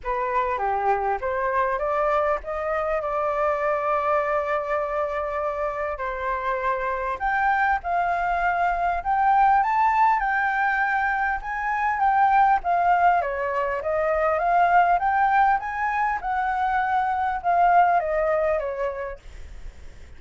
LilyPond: \new Staff \with { instrumentName = "flute" } { \time 4/4 \tempo 4 = 100 b'4 g'4 c''4 d''4 | dis''4 d''2.~ | d''2 c''2 | g''4 f''2 g''4 |
a''4 g''2 gis''4 | g''4 f''4 cis''4 dis''4 | f''4 g''4 gis''4 fis''4~ | fis''4 f''4 dis''4 cis''4 | }